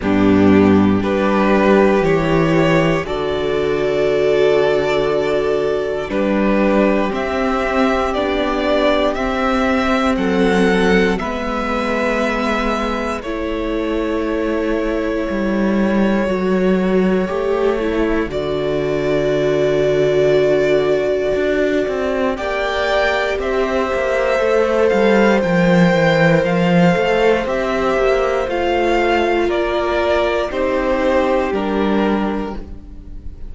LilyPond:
<<
  \new Staff \with { instrumentName = "violin" } { \time 4/4 \tempo 4 = 59 g'4 b'4 cis''4 d''4~ | d''2 b'4 e''4 | d''4 e''4 fis''4 e''4~ | e''4 cis''2.~ |
cis''2 d''2~ | d''2 g''4 e''4~ | e''8 f''8 g''4 f''4 e''4 | f''4 d''4 c''4 ais'4 | }
  \new Staff \with { instrumentName = "violin" } { \time 4/4 d'4 g'2 a'4~ | a'2 g'2~ | g'2 a'4 b'4~ | b'4 a'2.~ |
a'1~ | a'2 d''4 c''4~ | c''1~ | c''4 ais'4 g'2 | }
  \new Staff \with { instrumentName = "viola" } { \time 4/4 b4 d'4 e'4 fis'4~ | fis'2 d'4 c'4 | d'4 c'2 b4~ | b4 e'2. |
fis'4 g'8 e'8 fis'2~ | fis'2 g'2 | a'4 ais'4. a'8 g'4 | f'2 dis'4 d'4 | }
  \new Staff \with { instrumentName = "cello" } { \time 4/4 g,4 g4 e4 d4~ | d2 g4 c'4 | b4 c'4 fis4 gis4~ | gis4 a2 g4 |
fis4 a4 d2~ | d4 d'8 c'8 ais4 c'8 ais8 | a8 g8 f8 e8 f8 a8 c'8 ais8 | a4 ais4 c'4 g4 | }
>>